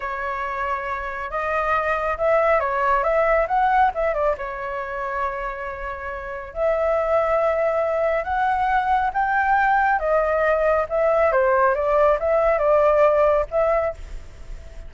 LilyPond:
\new Staff \with { instrumentName = "flute" } { \time 4/4 \tempo 4 = 138 cis''2. dis''4~ | dis''4 e''4 cis''4 e''4 | fis''4 e''8 d''8 cis''2~ | cis''2. e''4~ |
e''2. fis''4~ | fis''4 g''2 dis''4~ | dis''4 e''4 c''4 d''4 | e''4 d''2 e''4 | }